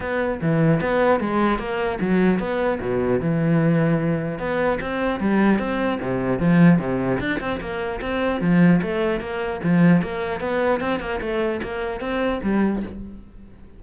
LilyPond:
\new Staff \with { instrumentName = "cello" } { \time 4/4 \tempo 4 = 150 b4 e4 b4 gis4 | ais4 fis4 b4 b,4 | e2. b4 | c'4 g4 c'4 c4 |
f4 c4 d'8 c'8 ais4 | c'4 f4 a4 ais4 | f4 ais4 b4 c'8 ais8 | a4 ais4 c'4 g4 | }